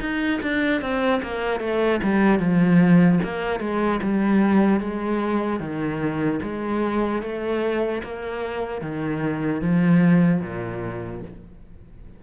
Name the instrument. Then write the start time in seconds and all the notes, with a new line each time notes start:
cello
0.00 D#4
0.43 D4
0.81 C4
1.23 A#3
1.60 A3
2.03 G3
2.39 F3
3.24 A#3
3.60 G#3
4.03 G3
4.80 G#3
5.60 D#3
6.43 G#3
7.22 A3
8.04 A#3
8.81 D#3
9.61 F3
10.41 A#2